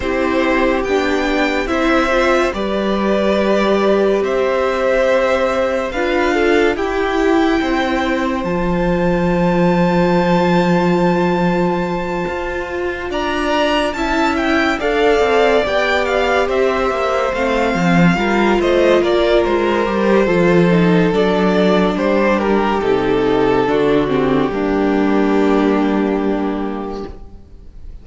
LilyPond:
<<
  \new Staff \with { instrumentName = "violin" } { \time 4/4 \tempo 4 = 71 c''4 g''4 e''4 d''4~ | d''4 e''2 f''4 | g''2 a''2~ | a''2.~ a''8 ais''8~ |
ais''8 a''8 g''8 f''4 g''8 f''8 e''8~ | e''8 f''4. dis''8 d''8 c''4~ | c''4 d''4 c''8 ais'8 a'4~ | a'8 g'2.~ g'8 | }
  \new Staff \with { instrumentName = "violin" } { \time 4/4 g'2 c''4 b'4~ | b'4 c''2 b'8 a'8 | g'4 c''2.~ | c''2.~ c''8 d''8~ |
d''8 e''4 d''2 c''8~ | c''4. ais'8 c''8 ais'4. | a'2 g'2 | fis'4 d'2. | }
  \new Staff \with { instrumentName = "viola" } { \time 4/4 e'4 d'4 e'8 f'8 g'4~ | g'2. f'4 | e'2 f'2~ | f'1~ |
f'8 e'4 a'4 g'4.~ | g'8 c'4 f'2 g'8 | f'8 dis'8 d'2 dis'4 | d'8 c'8 ais2. | }
  \new Staff \with { instrumentName = "cello" } { \time 4/4 c'4 b4 c'4 g4~ | g4 c'2 d'4 | e'4 c'4 f2~ | f2~ f8 f'4 d'8~ |
d'8 cis'4 d'8 c'8 b4 c'8 | ais8 a8 f8 g8 a8 ais8 gis8 g8 | f4 fis4 g4 c4 | d4 g2. | }
>>